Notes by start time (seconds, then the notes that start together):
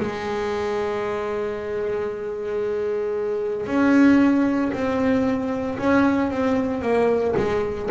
0.00 G#3
3.67 C#4
4.73 C4
5.78 C#4
6.31 C4
6.82 A#3
7.37 G#3